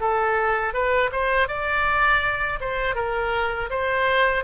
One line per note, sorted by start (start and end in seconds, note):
0.00 0.73 A4
0.73 1.10 B4
1.12 1.48 C5
1.48 2.59 D5
2.61 2.95 C5
2.95 3.69 A#4
3.70 4.44 C5